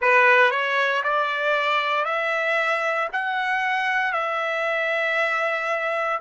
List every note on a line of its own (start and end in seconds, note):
0.01 0.50 B4
0.50 1.02 C#5
1.03 2.05 D5
2.05 3.08 E5
3.12 4.12 F#5
4.12 6.19 E5